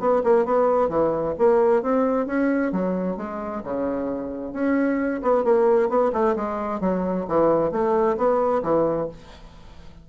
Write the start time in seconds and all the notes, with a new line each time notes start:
0.00 B3
0.24 A#3
0.45 B3
0.89 E3
1.38 A#3
1.83 C4
2.27 C#4
2.72 F#3
3.17 G#3
3.64 C#3
4.53 C#4
5.22 B3
5.44 A#3
5.89 B3
6.13 A3
6.36 G#3
6.81 F#3
7.28 E3
7.71 A3
8.17 B3
8.63 E3